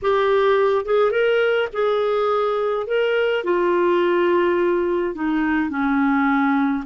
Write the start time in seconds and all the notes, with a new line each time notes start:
0.02 G4
0.85 G#4
1.11 A#4
1.72 G#4
2.86 A#4
3.44 F4
5.14 D#4
5.69 C#4